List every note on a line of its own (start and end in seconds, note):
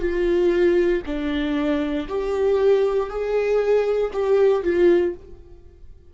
0.00 1.02 F4
1.06 2.08 D4
2.08 3.10 G4
3.10 4.11 G#4
4.13 4.63 G4
4.63 5.14 F4